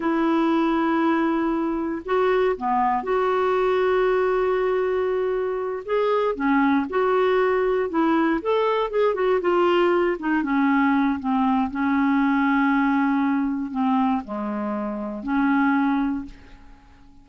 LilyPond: \new Staff \with { instrumentName = "clarinet" } { \time 4/4 \tempo 4 = 118 e'1 | fis'4 b4 fis'2~ | fis'2.~ fis'8 gis'8~ | gis'8 cis'4 fis'2 e'8~ |
e'8 a'4 gis'8 fis'8 f'4. | dis'8 cis'4. c'4 cis'4~ | cis'2. c'4 | gis2 cis'2 | }